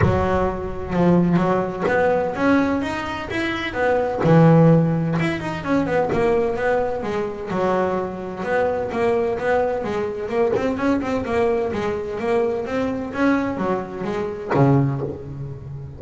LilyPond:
\new Staff \with { instrumentName = "double bass" } { \time 4/4 \tempo 4 = 128 fis2 f4 fis4 | b4 cis'4 dis'4 e'4 | b4 e2 e'8 dis'8 | cis'8 b8 ais4 b4 gis4 |
fis2 b4 ais4 | b4 gis4 ais8 c'8 cis'8 c'8 | ais4 gis4 ais4 c'4 | cis'4 fis4 gis4 cis4 | }